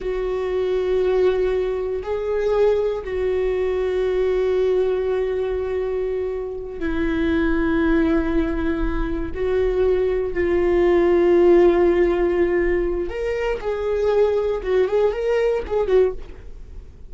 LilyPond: \new Staff \with { instrumentName = "viola" } { \time 4/4 \tempo 4 = 119 fis'1 | gis'2 fis'2~ | fis'1~ | fis'4. e'2~ e'8~ |
e'2~ e'8 fis'4.~ | fis'8 f'2.~ f'8~ | f'2 ais'4 gis'4~ | gis'4 fis'8 gis'8 ais'4 gis'8 fis'8 | }